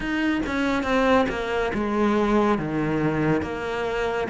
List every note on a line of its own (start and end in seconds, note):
0.00 0.41 D#4
0.46 0.83 C#4
0.83 1.26 C4
1.29 1.72 A#3
1.74 2.58 G#3
2.58 3.41 D#3
3.41 4.27 A#3